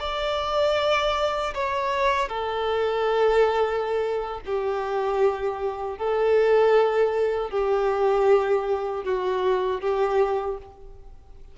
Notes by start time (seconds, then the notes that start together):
0.00 D5
1.54 C#5
2.29 A4
4.46 G4
5.98 A4
7.50 G4
9.04 F#4
9.81 G4